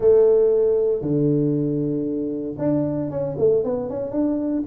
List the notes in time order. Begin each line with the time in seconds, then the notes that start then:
0.00 A3
1.01 D3
2.58 D4
3.10 C#4
3.38 A3
3.63 B3
3.89 C#4
4.11 D4